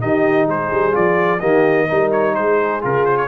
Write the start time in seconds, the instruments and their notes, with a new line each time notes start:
0.00 tuba D#3, trombone D#4, horn G4, trumpet D#5
0.47 tuba G#3, horn G#4, trumpet C5
0.72 tuba G3
0.92 tuba F3, trombone F4, trumpet D5
1.40 tuba D#3, trombone A#3, horn G4, trumpet D#5
1.88 tuba G3, trombone D#4, horn A#4
2.11 trumpet C#5
2.34 tuba G#3, horn G#4, trumpet C5
2.81 tuba C#3, trombone F4, trumpet A#4
3.05 trumpet C5
3.17 trumpet C#5